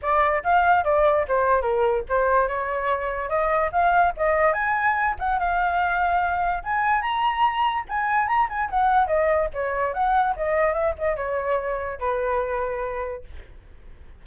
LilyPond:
\new Staff \with { instrumentName = "flute" } { \time 4/4 \tempo 4 = 145 d''4 f''4 d''4 c''4 | ais'4 c''4 cis''2 | dis''4 f''4 dis''4 gis''4~ | gis''8 fis''8 f''2. |
gis''4 ais''2 gis''4 | ais''8 gis''8 fis''4 dis''4 cis''4 | fis''4 dis''4 e''8 dis''8 cis''4~ | cis''4 b'2. | }